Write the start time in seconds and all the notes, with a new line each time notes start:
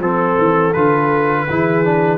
0.00 F3 C4 A4
0.38 E3
0.73 D3 F4 B4
1.50 E3 E4 G#4
1.85 D4